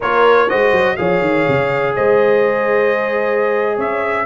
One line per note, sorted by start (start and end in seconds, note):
0.00 0.51 A#3
0.00 0.48 F4
0.00 0.48 A#4
0.00 0.49 C#5
0.48 0.72 G#3
0.48 0.97 F#4
0.48 0.97 C5
0.48 0.96 D#5
0.72 0.96 F#3
0.96 1.21 F3
0.96 4.25 G#4
0.96 1.95 C#5
0.96 1.94 F5
1.21 1.45 D#3
1.48 1.96 C#3
1.95 3.77 G#3
1.95 3.77 C5
1.95 3.78 D#5
3.77 4.25 C#4
3.77 4.25 C#5
3.77 4.25 E5